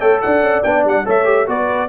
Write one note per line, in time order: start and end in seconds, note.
0.00 0.22 A3
0.00 0.63 A4
0.00 0.21 C#5
0.00 0.21 G5
0.21 0.41 D4
0.21 1.05 D5
0.21 0.63 F#5
0.41 0.62 C#4
0.63 0.84 B3
0.63 1.05 D4
0.63 0.84 G5
0.84 1.05 G3
0.84 1.09 F#5
1.05 1.48 A3
1.05 1.25 A4
1.05 1.47 C#5
1.05 1.49 E5
1.25 1.46 G4
1.46 1.88 B3
1.46 1.88 F#4
1.46 1.88 B4
1.46 1.88 D5